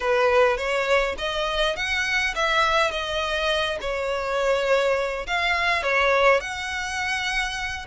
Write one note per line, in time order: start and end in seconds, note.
0.00 0.57 B4
0.57 1.15 C#5
1.18 1.76 D#5
1.76 2.34 F#5
2.35 2.91 E5
2.91 3.78 D#5
3.80 5.26 C#5
5.26 5.83 F5
5.83 6.40 C#5
6.40 7.85 F#5